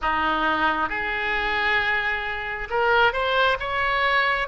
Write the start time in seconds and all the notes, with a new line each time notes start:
0.01 D#4
0.89 G#4
2.69 A#4
3.12 C5
3.59 C#5